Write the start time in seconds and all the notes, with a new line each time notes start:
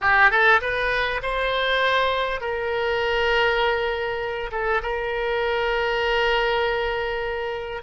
0.01 G4
0.30 A4
0.61 B4
1.22 C5
2.41 A#4
4.51 A4
4.82 A#4